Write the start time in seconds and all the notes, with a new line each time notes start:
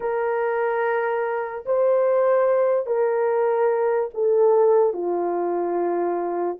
0.00 A#4
1.65 C5
2.86 A#4
4.14 A4
4.93 F4